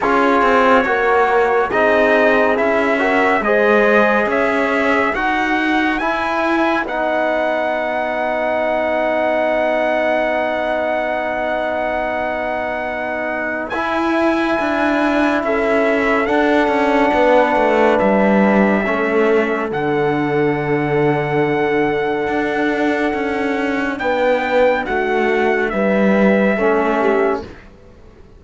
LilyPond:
<<
  \new Staff \with { instrumentName = "trumpet" } { \time 4/4 \tempo 4 = 70 cis''2 dis''4 e''4 | dis''4 e''4 fis''4 gis''4 | fis''1~ | fis''1 |
gis''2 e''4 fis''4~ | fis''4 e''2 fis''4~ | fis''1 | g''4 fis''4 e''2 | }
  \new Staff \with { instrumentName = "horn" } { \time 4/4 gis'4 ais'4 gis'4. ais'8 | c''4 cis''4 b'2~ | b'1~ | b'1~ |
b'2 a'2 | b'2 a'2~ | a'1 | b'4 fis'4 b'4 a'8 g'8 | }
  \new Staff \with { instrumentName = "trombone" } { \time 4/4 f'4 fis'4 dis'4 e'8 fis'8 | gis'2 fis'4 e'4 | dis'1~ | dis'1 |
e'2. d'4~ | d'2 cis'4 d'4~ | d'1~ | d'2. cis'4 | }
  \new Staff \with { instrumentName = "cello" } { \time 4/4 cis'8 c'8 ais4 c'4 cis'4 | gis4 cis'4 dis'4 e'4 | b1~ | b1 |
e'4 d'4 cis'4 d'8 cis'8 | b8 a8 g4 a4 d4~ | d2 d'4 cis'4 | b4 a4 g4 a4 | }
>>